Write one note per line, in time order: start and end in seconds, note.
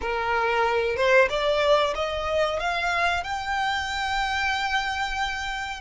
0.01 0.96 A#4
0.96 1.28 C5
1.29 1.94 D5
1.95 2.59 D#5
2.59 3.23 F5
3.23 5.80 G5